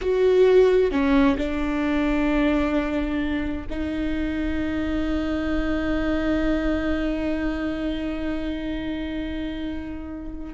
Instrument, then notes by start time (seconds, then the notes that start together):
viola
0.01 F#4
0.91 C#4
1.37 D4
3.70 D#4